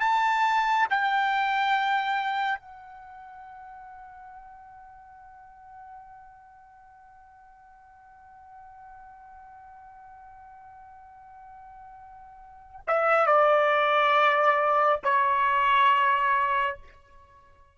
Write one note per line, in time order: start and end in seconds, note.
0.00 0.87 A5
0.90 2.59 G5
2.59 12.81 F#5
12.88 13.26 E5
13.26 15.00 D5
15.04 16.77 C#5